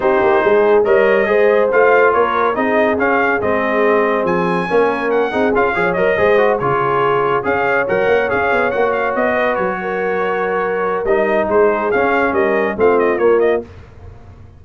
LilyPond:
<<
  \new Staff \with { instrumentName = "trumpet" } { \time 4/4 \tempo 4 = 141 c''2 dis''2 | f''4 cis''4 dis''4 f''4 | dis''2 gis''2 | fis''4 f''4 dis''4. cis''8~ |
cis''4. f''4 fis''4 f''8~ | f''8 fis''8 f''8 dis''4 cis''4.~ | cis''2 dis''4 c''4 | f''4 dis''4 f''8 dis''8 cis''8 dis''8 | }
  \new Staff \with { instrumentName = "horn" } { \time 4/4 g'4 gis'4 cis''4 c''4~ | c''4 ais'4 gis'2~ | gis'2. ais'4~ | ais'8 gis'4 cis''4 c''4 gis'8~ |
gis'4. cis''2~ cis''8~ | cis''2 b'4 ais'4~ | ais'2. gis'4~ | gis'4 ais'4 f'2 | }
  \new Staff \with { instrumentName = "trombone" } { \time 4/4 dis'2 ais'4 gis'4 | f'2 dis'4 cis'4 | c'2. cis'4~ | cis'8 dis'8 f'8 gis'8 ais'8 gis'8 fis'8 f'8~ |
f'4. gis'4 ais'4 gis'8~ | gis'8 fis'2.~ fis'8~ | fis'2 dis'2 | cis'2 c'4 ais4 | }
  \new Staff \with { instrumentName = "tuba" } { \time 4/4 c'8 ais8 gis4 g4 gis4 | a4 ais4 c'4 cis'4 | gis2 f4 ais4~ | ais8 c'8 cis'8 f8 fis8 gis4 cis8~ |
cis4. cis'4 fis8 ais8 cis'8 | b8 ais4 b4 fis4.~ | fis2 g4 gis4 | cis'4 g4 a4 ais4 | }
>>